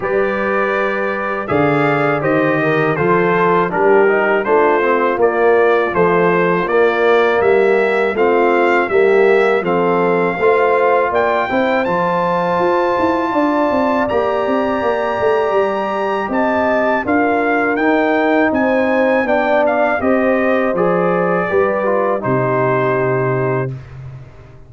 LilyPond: <<
  \new Staff \with { instrumentName = "trumpet" } { \time 4/4 \tempo 4 = 81 d''2 f''4 dis''4 | c''4 ais'4 c''4 d''4 | c''4 d''4 e''4 f''4 | e''4 f''2 g''4 |
a''2. ais''4~ | ais''2 a''4 f''4 | g''4 gis''4 g''8 f''8 dis''4 | d''2 c''2 | }
  \new Staff \with { instrumentName = "horn" } { \time 4/4 b'2 d''4 c''8 ais'8 | a'4 g'4 f'2~ | f'2 g'4 f'4 | g'4 a'4 c''4 d''8 c''8~ |
c''2 d''2~ | d''2 dis''4 ais'4~ | ais'4 c''4 d''4 c''4~ | c''4 b'4 g'2 | }
  \new Staff \with { instrumentName = "trombone" } { \time 4/4 g'2 gis'4 g'4 | f'4 d'8 dis'8 d'8 c'8 ais4 | f4 ais2 c'4 | ais4 c'4 f'4. e'8 |
f'2. g'4~ | g'2. f'4 | dis'2 d'4 g'4 | gis'4 g'8 f'8 dis'2 | }
  \new Staff \with { instrumentName = "tuba" } { \time 4/4 g2 d4 dis4 | f4 g4 a4 ais4 | a4 ais4 g4 a4 | g4 f4 a4 ais8 c'8 |
f4 f'8 e'8 d'8 c'8 ais8 c'8 | ais8 a8 g4 c'4 d'4 | dis'4 c'4 b4 c'4 | f4 g4 c2 | }
>>